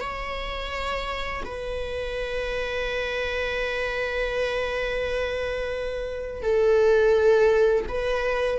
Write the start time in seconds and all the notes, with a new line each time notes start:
0.00 C#5
1.44 B4
6.42 A4
7.88 B4